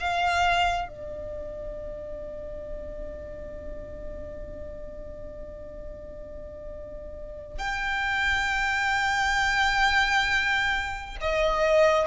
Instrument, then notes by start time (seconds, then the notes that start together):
violin
0.00 F5
0.88 D5
7.58 G5
11.21 D#5